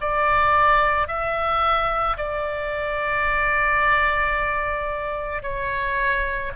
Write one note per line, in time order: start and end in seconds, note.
0.00 1.07 D5
1.07 2.16 E5
2.17 5.42 D5
5.42 6.51 C#5